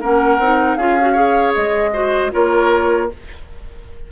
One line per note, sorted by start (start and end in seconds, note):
0.00 0.38 A#3
0.00 0.40 C#4
0.00 0.77 A#4
0.00 0.75 F#5
0.38 0.76 C4
0.38 0.79 D#4
0.75 1.53 C#4
0.75 0.98 F4
0.75 1.12 G#4
0.75 1.52 F5
1.00 1.15 F#4
1.12 1.92 G#4
1.12 1.89 C#5
1.54 2.33 G#3
1.54 2.31 D#5
1.93 2.31 F#4
1.93 2.31 C5
2.31 3.11 A#3
2.31 3.08 F4
2.31 3.10 A#4
2.31 3.09 C#5